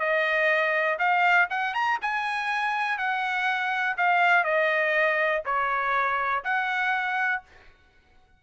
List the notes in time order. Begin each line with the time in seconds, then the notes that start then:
0.00 D#5
0.99 F5
1.50 F#5
1.74 A#5
2.02 G#5
2.98 F#5
3.97 F5
4.45 D#5
5.45 C#5
6.44 F#5